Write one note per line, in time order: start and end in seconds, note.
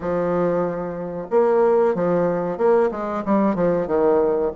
0.00 1.27 F3
1.30 1.94 A#3
1.94 2.57 F3
2.57 2.89 A#3
2.91 3.23 G#3
3.25 3.55 G3
3.55 3.87 F3
3.87 4.51 D#3